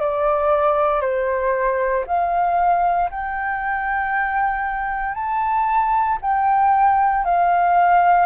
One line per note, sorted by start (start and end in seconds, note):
0.00 1.01 D5
1.01 2.05 C5
2.07 3.10 F5
3.11 5.15 G5
5.15 6.18 A5
6.22 7.25 G5
7.25 8.27 F5